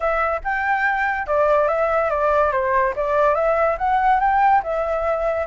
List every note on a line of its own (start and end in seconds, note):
0.00 0.40 E5
0.44 1.27 G5
1.27 1.67 D5
1.67 2.09 E5
2.10 2.52 D5
2.52 2.94 C5
2.96 3.34 D5
3.34 3.76 E5
3.78 4.20 F#5
4.20 4.62 G5
4.63 5.46 E5